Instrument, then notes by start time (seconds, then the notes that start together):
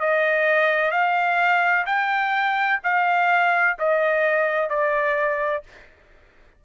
trumpet
0.00 D#5
0.91 F5
1.86 G5
2.84 F5
3.79 D#5
4.70 D5